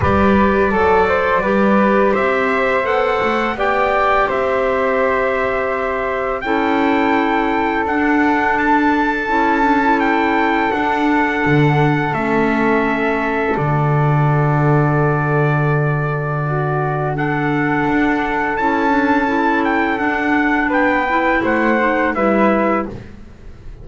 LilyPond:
<<
  \new Staff \with { instrumentName = "trumpet" } { \time 4/4 \tempo 4 = 84 d''2. e''4 | fis''4 g''4 e''2~ | e''4 g''2 fis''4 | a''2 g''4 fis''4~ |
fis''4 e''2 d''4~ | d''1 | fis''2 a''4. g''8 | fis''4 g''4 fis''4 e''4 | }
  \new Staff \with { instrumentName = "flute" } { \time 4/4 b'4 a'8 c''8 b'4 c''4~ | c''4 d''4 c''2~ | c''4 a'2.~ | a'1~ |
a'1~ | a'2. fis'4 | a'1~ | a'4 b'4 c''4 b'4 | }
  \new Staff \with { instrumentName = "clarinet" } { \time 4/4 g'4 a'4 g'2 | a'4 g'2.~ | g'4 e'2 d'4~ | d'4 e'8 d'16 e'4~ e'16 d'4~ |
d'4 cis'2 fis'4~ | fis'1 | d'2 e'8 d'8 e'4 | d'4. e'4 dis'8 e'4 | }
  \new Staff \with { instrumentName = "double bass" } { \time 4/4 g4 fis4 g4 c'4 | b8 a8 b4 c'2~ | c'4 cis'2 d'4~ | d'4 cis'2 d'4 |
d4 a2 d4~ | d1~ | d4 d'4 cis'2 | d'4 b4 a4 g4 | }
>>